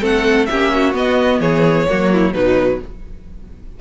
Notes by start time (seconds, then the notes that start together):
0.00 A3 C4 A4 F#5
0.46 A#3 C#4 G4 E5
0.73 F#4
0.93 B3 D#5
1.40 E3 G#4 C#5
1.89 F#3 A#3 F#4
2.12 E4
2.32 B2 F#3 D#4 B4